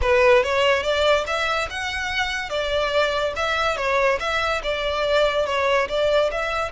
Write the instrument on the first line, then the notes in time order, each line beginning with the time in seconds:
violin
0.01 B4
0.43 C#5
0.82 D5
1.26 E5
1.69 F#5
2.49 D5
3.36 E5
3.76 C#5
4.19 E5
4.63 D5
5.45 C#5
5.88 D5
6.31 E5